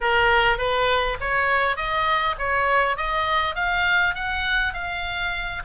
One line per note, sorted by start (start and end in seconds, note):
0.01 0.58 A#4
0.58 1.17 B4
1.20 1.76 C#5
1.76 2.35 D#5
2.38 2.96 C#5
2.96 3.55 D#5
3.55 4.14 F5
4.14 4.73 F#5
4.73 5.62 F5